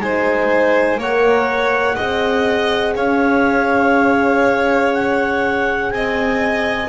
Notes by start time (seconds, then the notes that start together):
0.00 G#3 D#4 C5 G#5
0.97 A#3 A#4 C#5 F#5
1.95 C4 G#4 D#5
2.95 C#4 C#5 F5
4.93 F#5
5.90 C4 D#5 G#5